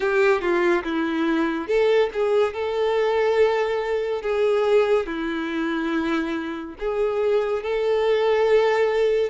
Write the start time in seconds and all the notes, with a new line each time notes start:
0.00 G4
0.41 F4
0.83 E4
1.67 A4
2.13 G#4
2.54 A4
4.22 G#4
5.06 E4
6.79 G#4
7.62 A4